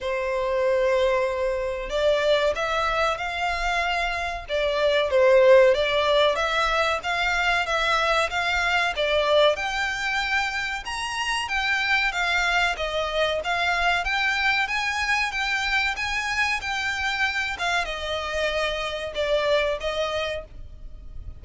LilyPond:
\new Staff \with { instrumentName = "violin" } { \time 4/4 \tempo 4 = 94 c''2. d''4 | e''4 f''2 d''4 | c''4 d''4 e''4 f''4 | e''4 f''4 d''4 g''4~ |
g''4 ais''4 g''4 f''4 | dis''4 f''4 g''4 gis''4 | g''4 gis''4 g''4. f''8 | dis''2 d''4 dis''4 | }